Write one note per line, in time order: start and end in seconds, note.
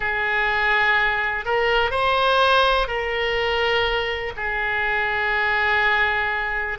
0.00 1.45 G#4
1.45 1.90 A#4
1.90 2.87 C5
2.87 4.32 A#4
4.36 6.78 G#4